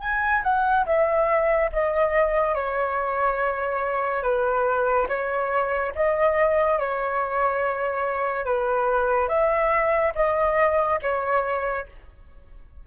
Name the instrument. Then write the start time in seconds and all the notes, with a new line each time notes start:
flute
0.00 G#5
0.43 F#5
0.86 E5
1.72 D#5
2.55 C#5
4.23 B4
5.08 C#5
5.95 D#5
6.79 C#5
8.45 B4
9.28 E5
10.15 D#5
11.02 C#5